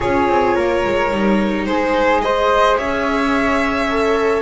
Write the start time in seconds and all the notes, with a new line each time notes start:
0.00 C#4 F4 G#4 C#5
0.28 C4
0.55 A#3 A#4
0.84 G#3
1.10 G3 D#4
1.65 G#3 G#4 C5
2.21 G#4 C5 D#5
2.77 C#4 C#5 E5
3.90 A4